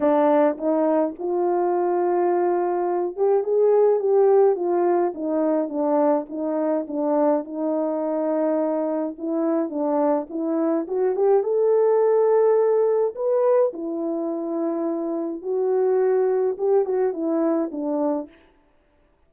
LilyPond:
\new Staff \with { instrumentName = "horn" } { \time 4/4 \tempo 4 = 105 d'4 dis'4 f'2~ | f'4. g'8 gis'4 g'4 | f'4 dis'4 d'4 dis'4 | d'4 dis'2. |
e'4 d'4 e'4 fis'8 g'8 | a'2. b'4 | e'2. fis'4~ | fis'4 g'8 fis'8 e'4 d'4 | }